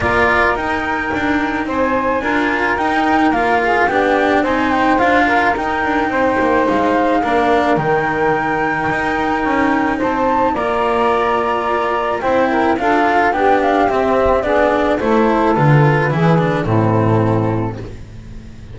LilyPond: <<
  \new Staff \with { instrumentName = "flute" } { \time 4/4 \tempo 4 = 108 d''4 g''2 gis''4~ | gis''4 g''4 f''4 g''4 | gis''8 g''8 f''4 g''2 | f''2 g''2~ |
g''2 a''4 ais''4~ | ais''2 g''4 f''4 | g''8 f''8 e''4 d''4 c''4 | b'2 a'2 | }
  \new Staff \with { instrumentName = "saxophone" } { \time 4/4 ais'2. c''4 | ais'2~ ais'8 gis'8 g'4 | c''4. ais'4. c''4~ | c''4 ais'2.~ |
ais'2 c''4 d''4~ | d''2 c''8 ais'8 a'4 | g'2 gis'4 a'4~ | a'4 gis'4 e'2 | }
  \new Staff \with { instrumentName = "cello" } { \time 4/4 f'4 dis'2. | f'4 dis'4 f'4 d'4 | dis'4 f'4 dis'2~ | dis'4 d'4 dis'2~ |
dis'2. f'4~ | f'2 e'4 f'4 | d'4 c'4 d'4 e'4 | f'4 e'8 d'8 c'2 | }
  \new Staff \with { instrumentName = "double bass" } { \time 4/4 ais4 dis'4 d'4 c'4 | d'4 dis'4 ais4 b4 | c'4 d'4 dis'8 d'8 c'8 ais8 | gis4 ais4 dis2 |
dis'4 cis'4 c'4 ais4~ | ais2 c'4 d'4 | b4 c'4 b4 a4 | d4 e4 a,2 | }
>>